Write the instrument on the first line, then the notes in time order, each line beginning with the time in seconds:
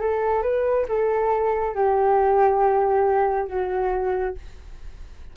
flute
0.00 A4
0.42 B4
0.88 A4
1.74 G4
3.47 F#4